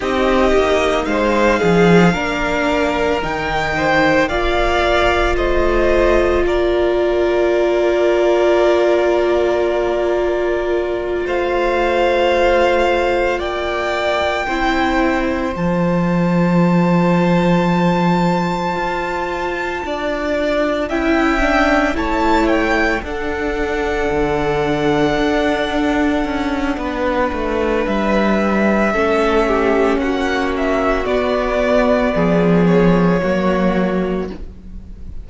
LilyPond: <<
  \new Staff \with { instrumentName = "violin" } { \time 4/4 \tempo 4 = 56 dis''4 f''2 g''4 | f''4 dis''4 d''2~ | d''2~ d''8 f''4.~ | f''8 g''2 a''4.~ |
a''2.~ a''8 g''8~ | g''8 a''8 g''8 fis''2~ fis''8~ | fis''2 e''2 | fis''8 e''8 d''4. cis''4. | }
  \new Staff \with { instrumentName = "violin" } { \time 4/4 g'4 c''8 gis'8 ais'4. c''8 | d''4 c''4 ais'2~ | ais'2~ ais'8 c''4.~ | c''8 d''4 c''2~ c''8~ |
c''2~ c''8 d''4 e''8~ | e''8 cis''4 a'2~ a'8~ | a'4 b'2 a'8 g'8 | fis'2 gis'4 fis'4 | }
  \new Staff \with { instrumentName = "viola" } { \time 4/4 dis'2 d'4 dis'4 | f'1~ | f'1~ | f'4. e'4 f'4.~ |
f'2.~ f'8 e'8 | d'8 e'4 d'2~ d'8~ | d'2. cis'4~ | cis'4 b2 ais4 | }
  \new Staff \with { instrumentName = "cello" } { \time 4/4 c'8 ais8 gis8 f8 ais4 dis4 | ais4 a4 ais2~ | ais2~ ais8 a4.~ | a8 ais4 c'4 f4.~ |
f4. f'4 d'4 cis'8~ | cis'8 a4 d'4 d4 d'8~ | d'8 cis'8 b8 a8 g4 a4 | ais4 b4 f4 fis4 | }
>>